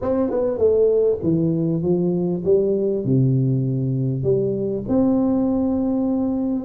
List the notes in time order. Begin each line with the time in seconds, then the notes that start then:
0.01 C4
0.30 B3
0.58 A3
1.22 E3
1.82 F3
2.44 G3
3.04 C3
4.23 G3
4.88 C4